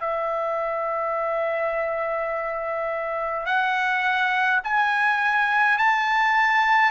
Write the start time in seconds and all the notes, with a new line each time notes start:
0.00 E5
3.46 F#5
4.64 G#5
5.78 A5